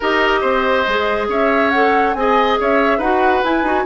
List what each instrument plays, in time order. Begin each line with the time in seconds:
0.00 bassoon D#4, clarinet G4, oboe A#4, flute D#5
0.41 bassoon C4, oboe C5
0.87 bassoon G#3, clarinet G#4
1.28 bassoon C#4, oboe C#5, flute E5
1.70 clarinet A4, flute F#5
2.13 bassoon C4, clarinet G#4, oboe D#5, flute G#5
2.60 bassoon C#4, oboe C#5, flute E5
2.97 bassoon D#4, clarinet F#4, oboe B4, flute F#5
3.43 clarinet E4, bassoon E4, flute G#5
3.63 bassoon D#4, clarinet F#4